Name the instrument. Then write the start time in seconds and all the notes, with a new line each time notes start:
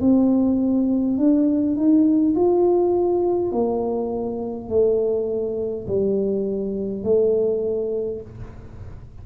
tuba
0.00 C4
1.18 D4
1.76 D#4
2.35 F4
3.51 A#3
4.69 A3
5.87 G3
7.03 A3